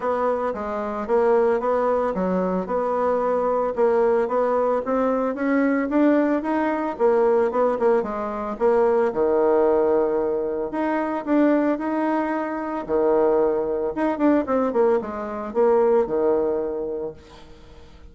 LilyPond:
\new Staff \with { instrumentName = "bassoon" } { \time 4/4 \tempo 4 = 112 b4 gis4 ais4 b4 | fis4 b2 ais4 | b4 c'4 cis'4 d'4 | dis'4 ais4 b8 ais8 gis4 |
ais4 dis2. | dis'4 d'4 dis'2 | dis2 dis'8 d'8 c'8 ais8 | gis4 ais4 dis2 | }